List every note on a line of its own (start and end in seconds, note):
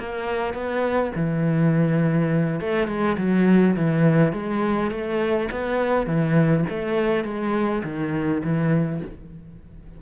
0.00 0.54 A#3
0.54 1.13 B3
1.16 2.61 E3
2.61 2.88 A3
2.88 3.17 G#3
3.18 3.76 F#3
3.77 4.33 E3
4.33 4.91 G#3
4.91 5.50 A3
5.52 6.07 B3
6.07 6.65 E3
6.70 7.25 A3
7.25 7.83 G#3
7.85 8.43 D#3
8.44 9.02 E3